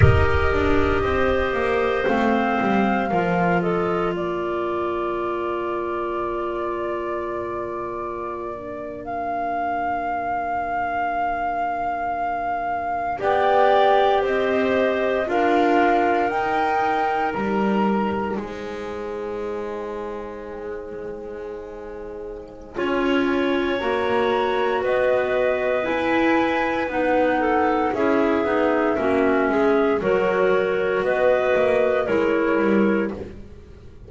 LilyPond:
<<
  \new Staff \with { instrumentName = "flute" } { \time 4/4 \tempo 4 = 58 dis''2 f''4. dis''8 | d''1~ | d''8. f''2.~ f''16~ | f''8. g''4 dis''4 f''4 g''16~ |
g''8. ais''4 gis''2~ gis''16~ | gis''2. ais''4 | dis''4 gis''4 fis''4 e''4~ | e''4 cis''4 dis''4 cis''4 | }
  \new Staff \with { instrumentName = "clarinet" } { \time 4/4 ais'4 c''2 ais'8 a'8 | ais'1~ | ais'1~ | ais'8. d''4 c''4 ais'4~ ais'16~ |
ais'4.~ ais'16 c''2~ c''16~ | c''2 cis''2 | b'2~ b'8 a'8 gis'4 | fis'8 gis'8 ais'4 b'4 ais'4 | }
  \new Staff \with { instrumentName = "clarinet" } { \time 4/4 g'2 c'4 f'4~ | f'1~ | f'16 d'2.~ d'8.~ | d'8. g'2 f'4 dis'16~ |
dis'1~ | dis'2 f'4 fis'4~ | fis'4 e'4 dis'4 e'8 dis'8 | cis'4 fis'2 e'4 | }
  \new Staff \with { instrumentName = "double bass" } { \time 4/4 dis'8 d'8 c'8 ais8 a8 g8 f4 | ais1~ | ais1~ | ais8. b4 c'4 d'4 dis'16~ |
dis'8. g4 gis2~ gis16~ | gis2 cis'4 ais4 | b4 e'4 b4 cis'8 b8 | ais8 gis8 fis4 b8 ais8 gis8 g8 | }
>>